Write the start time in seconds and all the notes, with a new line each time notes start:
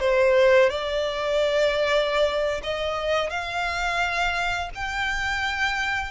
0.00 C5
0.69 D5
2.64 D#5
3.30 F5
4.75 G5